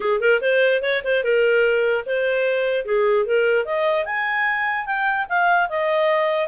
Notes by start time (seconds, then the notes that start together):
0.00 G#4
0.20 A#4
0.41 C5
0.82 C#5
1.04 C5
1.23 A#4
2.06 C5
2.85 G#4
3.25 A#4
3.65 D#5
4.05 G#5
4.86 G5
5.29 F5
5.69 D#5